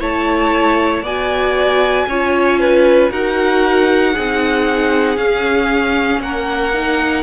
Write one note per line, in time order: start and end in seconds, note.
0.00 1.03 A3
0.00 1.03 E4
0.00 1.03 C#5
0.00 1.06 A5
1.03 2.06 B3
1.03 2.10 F#4
1.03 2.06 D5
1.03 3.12 G#5
2.07 3.11 C#4
2.07 3.11 F4
2.07 2.60 C#5
2.60 3.11 B4
3.11 4.14 D#4
3.11 4.14 F#4
3.11 4.14 A#4
3.11 5.18 F#5
4.14 5.17 C4
4.14 5.18 D#4
4.14 6.21 G#4
5.17 6.20 C#4
5.17 6.73 C#4
5.17 6.21 F5
6.20 7.23 A#3
6.20 7.23 A#4
6.20 7.23 F#5
6.74 7.23 D#4